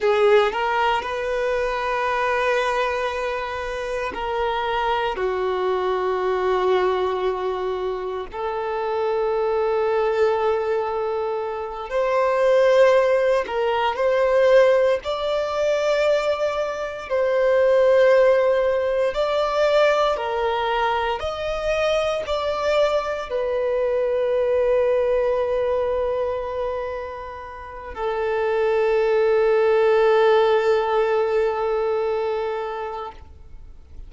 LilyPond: \new Staff \with { instrumentName = "violin" } { \time 4/4 \tempo 4 = 58 gis'8 ais'8 b'2. | ais'4 fis'2. | a'2.~ a'8 c''8~ | c''4 ais'8 c''4 d''4.~ |
d''8 c''2 d''4 ais'8~ | ais'8 dis''4 d''4 b'4.~ | b'2. a'4~ | a'1 | }